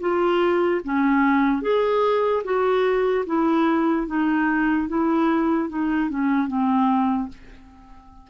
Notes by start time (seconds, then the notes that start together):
0.00 F4
0.84 C#4
1.61 G#4
2.44 F#4
3.26 E4
4.07 D#4
4.88 E4
5.69 D#4
6.10 C#4
6.47 C4